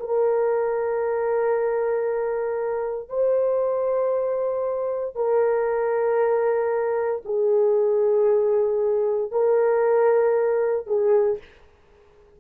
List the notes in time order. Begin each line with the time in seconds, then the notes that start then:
0.00 A#4
3.09 C5
5.15 A#4
7.25 G#4
9.32 A#4
10.87 G#4